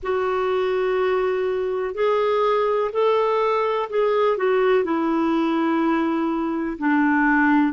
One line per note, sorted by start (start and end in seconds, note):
0.03 1.94 F#4
1.94 2.91 G#4
2.92 3.89 A4
3.89 4.37 G#4
4.37 4.83 F#4
4.83 6.77 E4
6.78 7.72 D4